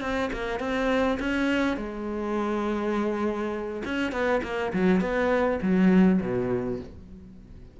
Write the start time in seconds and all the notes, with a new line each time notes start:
0.00 C4
0.32 A#3
0.59 C4
1.19 C#4
1.76 G#3
3.84 C#4
4.11 B3
4.43 A#3
4.73 F#3
5.00 B3
5.61 F#3
6.21 B2